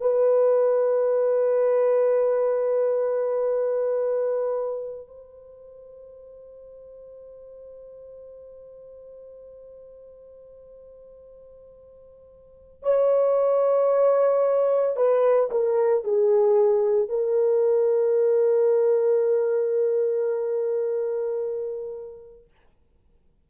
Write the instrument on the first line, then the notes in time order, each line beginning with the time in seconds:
horn
0.00 B4
5.06 C5
12.82 C#5
14.96 B4
15.50 A#4
16.04 G#4
17.08 A#4